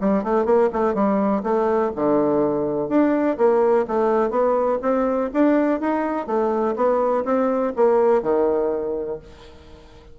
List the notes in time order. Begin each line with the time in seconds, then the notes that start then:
0.00 G3
0.23 A3
0.45 A#3
0.73 A3
0.94 G3
1.43 A3
1.95 D3
2.88 D4
3.37 A#3
3.87 A3
4.30 B3
4.82 C4
5.33 D4
5.80 D#4
6.26 A3
6.76 B3
7.24 C4
7.76 A#3
8.22 D#3